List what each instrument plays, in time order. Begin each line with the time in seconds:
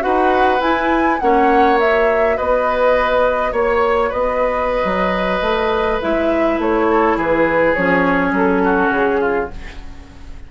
0.00 bassoon D#4, clarinet F#4, oboe B4, flute F#5
0.60 bassoon E4, clarinet E4, flute G#5
1.20 bassoon A#3, clarinet C#4, oboe C#5, flute F#5
1.79 clarinet F#4, flute E5
2.37 bassoon B3, oboe B4, flute D#5
3.52 bassoon A#3, oboe C#5, flute C#5
4.09 bassoon B3, oboe B4, flute D#5
4.84 bassoon F#3
5.41 bassoon A3
6.01 bassoon G#3, clarinet E4, flute E5
6.58 bassoon A3, flute C#5
6.90 oboe A4
7.16 bassoon E3, oboe G#4, flute B4
7.74 bassoon F3, clarinet C#4, flute C#5
8.31 bassoon F#3, flute A4
8.64 oboe F#4
8.90 bassoon C#3, flute G#4
9.20 oboe F4